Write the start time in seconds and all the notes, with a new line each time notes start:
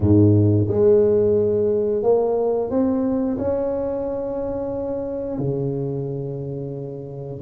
0.00 G#2
0.67 G#3
2.03 A#3
2.70 C4
3.37 C#4
5.38 C#3